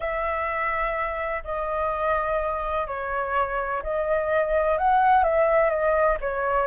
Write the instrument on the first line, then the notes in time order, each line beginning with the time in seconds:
flute
0.00 E5
1.44 D#5
2.87 C#5
3.82 D#5
4.78 F#5
5.23 E5
5.70 D#5
6.20 C#5